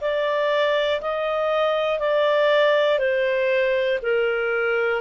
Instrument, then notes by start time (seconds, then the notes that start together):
clarinet
0.00 D5
1.01 D#5
1.99 D5
2.99 C5
4.02 A#4